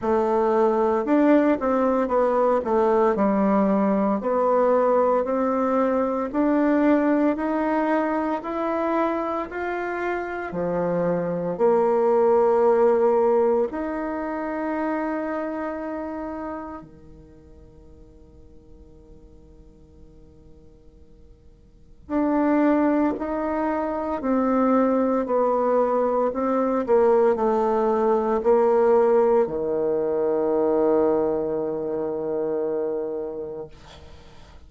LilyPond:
\new Staff \with { instrumentName = "bassoon" } { \time 4/4 \tempo 4 = 57 a4 d'8 c'8 b8 a8 g4 | b4 c'4 d'4 dis'4 | e'4 f'4 f4 ais4~ | ais4 dis'2. |
dis1~ | dis4 d'4 dis'4 c'4 | b4 c'8 ais8 a4 ais4 | dis1 | }